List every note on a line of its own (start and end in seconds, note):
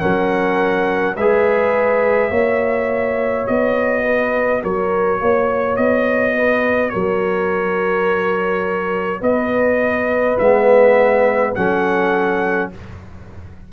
0.00 1.16 F#3
0.00 1.15 C#4
0.00 1.15 A#4
0.00 1.15 F#5
1.15 2.31 G#3
1.15 2.31 G#4
1.15 2.31 B4
1.15 3.47 E5
2.31 3.46 A#3
2.31 10.38 F#4
2.31 4.04 C#5
3.47 4.64 B3
3.47 4.62 D#5
4.04 4.62 B4
4.63 5.21 F#3
4.63 5.21 A#4
4.63 5.76 C#5
5.21 5.77 A#3
5.21 6.37 C#5
5.76 6.93 B3
5.76 6.90 D#5
6.37 6.93 B4
6.90 9.22 F#3
6.90 9.21 A#4
6.90 9.21 C#5
9.21 10.37 B3
9.21 11.52 B4
9.21 10.38 D#5
10.39 11.55 G#3
10.39 11.56 B3
10.39 11.54 E5
11.55 12.73 F#3
11.55 12.72 C#4
11.55 12.71 A4
11.55 12.70 F#5